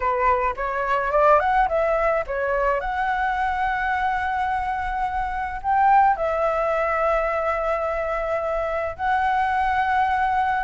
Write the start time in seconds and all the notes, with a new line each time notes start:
0.00 B4
0.56 C#5
1.11 D5
1.39 F#5
1.68 E5
2.26 C#5
2.80 F#5
5.62 G5
6.16 E5
8.96 F#5